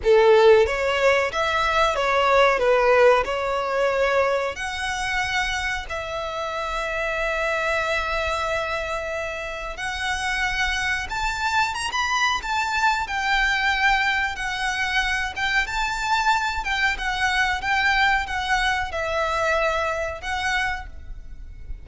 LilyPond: \new Staff \with { instrumentName = "violin" } { \time 4/4 \tempo 4 = 92 a'4 cis''4 e''4 cis''4 | b'4 cis''2 fis''4~ | fis''4 e''2.~ | e''2. fis''4~ |
fis''4 a''4 ais''16 b''8. a''4 | g''2 fis''4. g''8 | a''4. g''8 fis''4 g''4 | fis''4 e''2 fis''4 | }